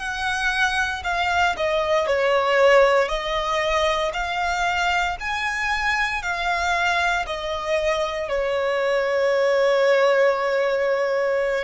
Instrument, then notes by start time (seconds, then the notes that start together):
violin
0.00 F#5
1.04 F5
1.58 D#5
2.07 C#5
3.09 D#5
4.14 F5
5.21 G#5
6.23 F5
7.27 D#5
8.29 C#5